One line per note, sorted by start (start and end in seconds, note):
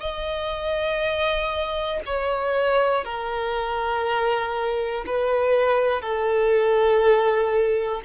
0.00 2.00 D#5
2.06 3.04 C#5
3.04 5.04 A#4
5.06 6.01 B4
6.01 8.01 A4